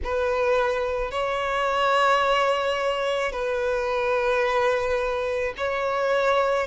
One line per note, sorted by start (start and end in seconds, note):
0.03 1.11 B4
1.11 3.31 C#5
3.31 5.54 B4
5.57 6.67 C#5